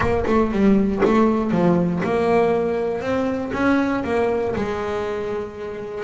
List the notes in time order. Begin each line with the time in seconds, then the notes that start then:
0.00 A#3
0.26 A3
0.51 G3
1.04 A3
1.51 F3
2.03 A#3
3.01 C4
3.53 C#4
4.04 A#3
4.55 G#3